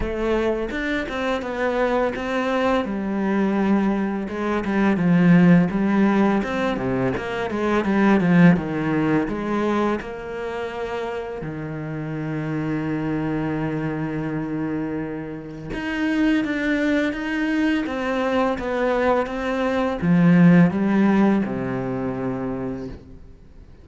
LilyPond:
\new Staff \with { instrumentName = "cello" } { \time 4/4 \tempo 4 = 84 a4 d'8 c'8 b4 c'4 | g2 gis8 g8 f4 | g4 c'8 c8 ais8 gis8 g8 f8 | dis4 gis4 ais2 |
dis1~ | dis2 dis'4 d'4 | dis'4 c'4 b4 c'4 | f4 g4 c2 | }